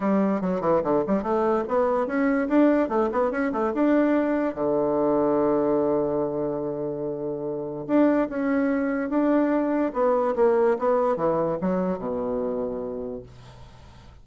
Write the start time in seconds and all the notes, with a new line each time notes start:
0.00 G3
0.41 F#3
0.60 E3
0.83 D3
1.06 G3
1.22 A3
1.68 B3
2.06 C#4
2.48 D4
2.89 A3
3.11 B3
3.31 C#4
3.52 A3
3.74 D4
4.54 D3
7.87 D4
8.29 C#4
9.09 D4
9.93 B3
10.35 A#3
10.78 B3
11.16 E3
11.61 F#3
11.98 B2